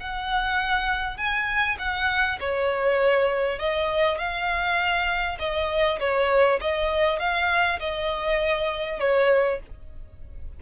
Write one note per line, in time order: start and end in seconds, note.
0.00 1.17 F#5
1.17 1.77 G#5
1.79 2.39 F#5
2.40 3.59 C#5
3.59 4.18 D#5
4.18 5.38 F5
5.39 5.99 D#5
5.99 6.59 C#5
6.61 7.19 D#5
7.19 7.79 F5
7.80 9.00 D#5
9.00 9.60 C#5